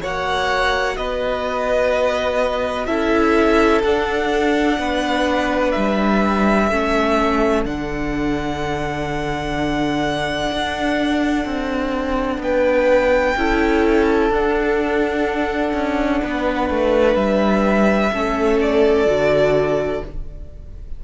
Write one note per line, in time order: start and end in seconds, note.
0.00 0.97 A#3
0.00 2.87 F#4
0.00 0.95 C#5
0.00 0.96 F#5
0.96 2.87 B3
0.96 2.86 B4
0.96 2.86 D#5
2.86 3.82 C#4
2.86 3.82 E4
2.86 4.77 A4
2.86 3.81 E5
3.83 4.78 D4
3.83 6.70 D4
3.83 5.71 F#5
4.78 5.73 B3
4.78 6.67 B4
5.71 6.71 G3
5.71 7.61 E5
6.67 7.65 A3
6.67 7.65 C#4
6.67 12.39 A4
7.65 10.50 D3
7.65 13.36 D4
7.65 12.41 F#5
10.51 11.44 D4
11.44 12.38 C4
12.38 13.33 B3
12.38 13.37 B4
12.38 14.32 G5
13.36 14.29 C#4
13.36 14.32 E4
13.36 16.22 A4
14.29 15.72 D4
14.29 18.12 D4
14.29 17.15 F#5
15.73 16.21 C#4
16.22 16.69 B3
16.22 18.12 B4
16.69 17.15 A3
17.15 18.10 G3
17.15 18.58 E5
18.12 19.06 A3
18.12 19.06 C#4
18.12 20.02 A4
18.61 20.04 D5
19.06 20.01 D3
19.06 20.01 F#4